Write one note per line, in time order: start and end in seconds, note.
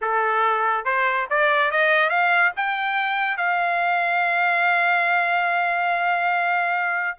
0.01 0.85 A4
0.85 1.27 C5
1.29 1.71 D5
1.71 2.09 D#5
2.09 2.51 F5
2.56 3.37 G5
3.37 7.17 F5